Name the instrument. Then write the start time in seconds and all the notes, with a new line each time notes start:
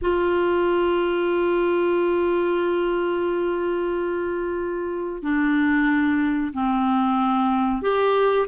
clarinet
0.01 F4
5.22 D4
6.53 C4
7.82 G4